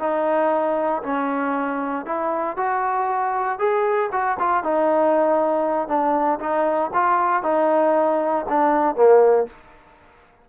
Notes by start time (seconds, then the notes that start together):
0.00 D#4
1.03 C#4
2.06 E4
2.57 F#4
3.59 G#4
4.13 F#4
4.40 F4
4.64 D#4
5.89 D4
6.40 D#4
6.94 F4
7.43 D#4
8.49 D4
8.96 A#3